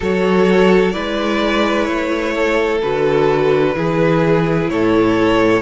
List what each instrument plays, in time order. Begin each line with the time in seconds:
0.00 cello F#3, viola F#4, violin A4 C#5
0.91 cello G#3, viola E4, violin B4 D5
1.84 cello A3, violin C#5
2.34 violin A4
2.82 cello D3, viola F#4, violin B4
3.74 cello E3, viola E4, violin G#4
4.69 cello A2, violin A4 C#5